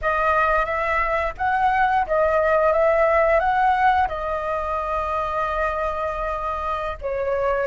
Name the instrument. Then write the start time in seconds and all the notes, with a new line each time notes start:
flute
0.01 D#5
0.65 E5
1.37 F#5
2.06 D#5
2.72 E5
3.39 F#5
4.08 D#5
7.01 C#5